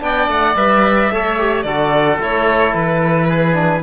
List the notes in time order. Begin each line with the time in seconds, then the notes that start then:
0.00 B3 D4 D5 G5
0.28 A3 F#5
0.56 G3 B4 E5
1.12 A3 A4 C#5
1.38 G4
1.62 D3 F#4 A4 D5
2.19 A3 E4 C#5
2.74 E3 B4
3.28 G#4
3.54 D4